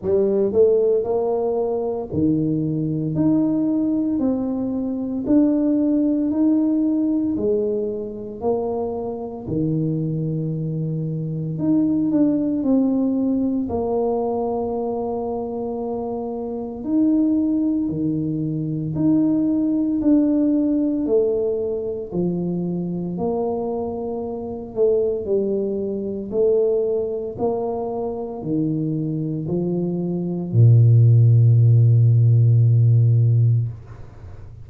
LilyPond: \new Staff \with { instrumentName = "tuba" } { \time 4/4 \tempo 4 = 57 g8 a8 ais4 dis4 dis'4 | c'4 d'4 dis'4 gis4 | ais4 dis2 dis'8 d'8 | c'4 ais2. |
dis'4 dis4 dis'4 d'4 | a4 f4 ais4. a8 | g4 a4 ais4 dis4 | f4 ais,2. | }